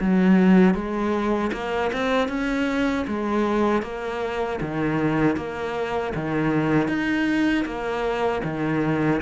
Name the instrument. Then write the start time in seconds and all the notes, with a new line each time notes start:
cello
0.00 F#3
0.74 G#3
1.52 A#3
1.92 C4
2.28 C#4
3.07 G#3
3.82 A#3
4.60 D#3
5.36 A#3
6.15 D#3
6.88 D#4
7.65 A#3
8.44 D#3